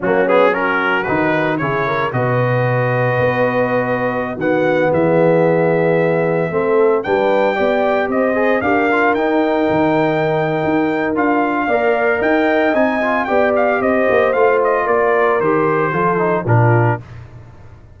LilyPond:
<<
  \new Staff \with { instrumentName = "trumpet" } { \time 4/4 \tempo 4 = 113 fis'8 gis'8 ais'4 b'4 cis''4 | dis''1~ | dis''16 fis''4 e''2~ e''8.~ | e''4~ e''16 g''2 dis''8.~ |
dis''16 f''4 g''2~ g''8.~ | g''4 f''2 g''4 | gis''4 g''8 f''8 dis''4 f''8 dis''8 | d''4 c''2 ais'4 | }
  \new Staff \with { instrumentName = "horn" } { \time 4/4 cis'4 fis'2 gis'8 ais'8 | b'1~ | b'16 fis'4 gis'2~ gis'8.~ | gis'16 a'4 b'4 d''4 c''8.~ |
c''16 ais'2.~ ais'8.~ | ais'2 d''4 dis''4~ | dis''4 d''4 c''2 | ais'2 a'4 f'4 | }
  \new Staff \with { instrumentName = "trombone" } { \time 4/4 ais8 b8 cis'4 dis'4 e'4 | fis'1~ | fis'16 b2.~ b8.~ | b16 c'4 d'4 g'4. gis'16~ |
gis'16 g'8 f'8 dis'2~ dis'8.~ | dis'4 f'4 ais'2 | dis'8 f'8 g'2 f'4~ | f'4 g'4 f'8 dis'8 d'4 | }
  \new Staff \with { instrumentName = "tuba" } { \time 4/4 fis2 dis4 cis4 | b,2 b2~ | b16 dis4 e2~ e8.~ | e16 a4 g4 b4 c'8.~ |
c'16 d'4 dis'4 dis4.~ dis16 | dis'4 d'4 ais4 dis'4 | c'4 b4 c'8 ais8 a4 | ais4 dis4 f4 ais,4 | }
>>